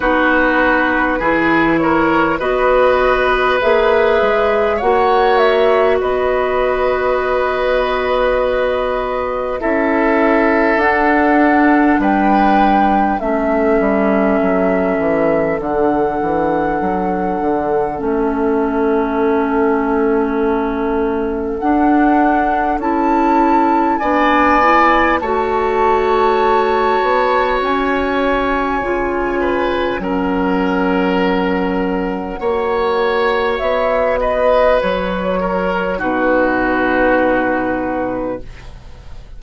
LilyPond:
<<
  \new Staff \with { instrumentName = "flute" } { \time 4/4 \tempo 4 = 50 b'4. cis''8 dis''4 e''4 | fis''8 e''8 dis''2. | e''4 fis''4 g''4 e''4~ | e''4 fis''2 e''4~ |
e''2 fis''4 a''4 | gis''4 a''2 gis''4~ | gis''4 fis''2. | e''8 dis''8 cis''4 b'2 | }
  \new Staff \with { instrumentName = "oboe" } { \time 4/4 fis'4 gis'8 ais'8 b'2 | cis''4 b'2. | a'2 b'4 a'4~ | a'1~ |
a'1 | d''4 cis''2.~ | cis''8 b'8 ais'2 cis''4~ | cis''8 b'4 ais'8 fis'2 | }
  \new Staff \with { instrumentName = "clarinet" } { \time 4/4 dis'4 e'4 fis'4 gis'4 | fis'1 | e'4 d'2 cis'4~ | cis'4 d'2 cis'4~ |
cis'2 d'4 e'4 | d'8 e'8 fis'2. | f'4 cis'2 fis'4~ | fis'2 dis'2 | }
  \new Staff \with { instrumentName = "bassoon" } { \time 4/4 b4 e4 b4 ais8 gis8 | ais4 b2. | cis'4 d'4 g4 a8 g8 | fis8 e8 d8 e8 fis8 d8 a4~ |
a2 d'4 cis'4 | b4 a4. b8 cis'4 | cis4 fis2 ais4 | b4 fis4 b,2 | }
>>